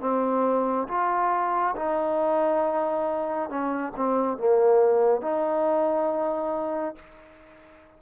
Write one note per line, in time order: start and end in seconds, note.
0.00 0.87 C4
0.87 1.74 F4
1.75 3.49 D#4
3.49 3.92 C#4
3.96 4.37 C4
4.37 5.21 A#3
5.21 6.95 D#4